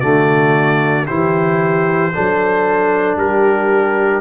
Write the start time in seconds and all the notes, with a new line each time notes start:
0.00 D3 A3 F#4 D5
1.06 E3 E4 G4 C5
2.14 F#3 D4 A4
3.16 G3 G4 A#4